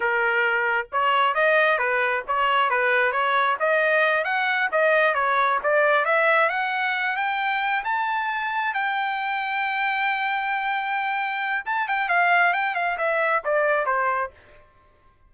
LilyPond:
\new Staff \with { instrumentName = "trumpet" } { \time 4/4 \tempo 4 = 134 ais'2 cis''4 dis''4 | b'4 cis''4 b'4 cis''4 | dis''4. fis''4 dis''4 cis''8~ | cis''8 d''4 e''4 fis''4. |
g''4. a''2 g''8~ | g''1~ | g''2 a''8 g''8 f''4 | g''8 f''8 e''4 d''4 c''4 | }